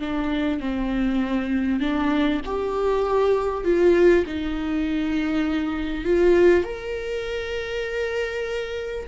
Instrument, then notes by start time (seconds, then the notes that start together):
viola
0.00 D4
0.61 C4
1.80 D4
2.45 G4
3.65 F4
4.27 D#4
6.05 F4
6.64 A#4